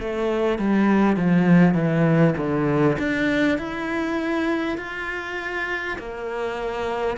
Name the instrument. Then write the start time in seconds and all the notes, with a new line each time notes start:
cello
0.00 A3
0.58 G3
1.17 F3
1.74 E3
2.37 D3
2.98 D4
3.58 E4
4.77 F4
5.98 A#3